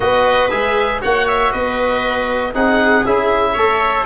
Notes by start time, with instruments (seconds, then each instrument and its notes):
0.00 tuba B3, trombone F#4, viola B4, oboe D#5
0.49 tuba G#3, trombone G#4, oboe E5
1.00 tuba A#3, trombone F#4, viola C#5, oboe F#5
1.27 oboe E5
1.51 tuba B3, viola B4, oboe D#5
2.53 tuba C4, trombone D#4, viola G#4, oboe F#5
3.05 tuba C#4, trombone E4, oboe E5
3.53 tuba A3, trombone A4, viola C#5